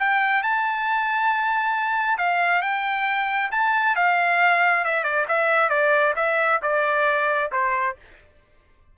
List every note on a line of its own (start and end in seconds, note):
0.00 0.43 G5
0.43 2.18 A5
2.18 2.62 F5
2.62 3.51 G5
3.52 3.96 A5
3.96 4.85 F5
4.85 5.04 E5
5.04 5.26 D5
5.29 5.70 E5
5.70 6.14 D5
6.17 6.61 E5
6.63 7.52 D5
7.52 7.97 C5